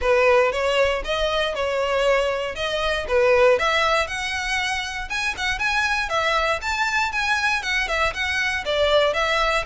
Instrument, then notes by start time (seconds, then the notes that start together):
violin
0.01 B4
0.52 C#5
1.04 D#5
1.54 C#5
2.55 D#5
3.07 B4
3.58 E5
4.07 F#5
5.09 G#5
5.37 F#5
5.59 G#5
6.09 E5
6.61 A5
7.12 G#5
7.62 F#5
7.87 E5
8.13 F#5
8.65 D5
9.13 E5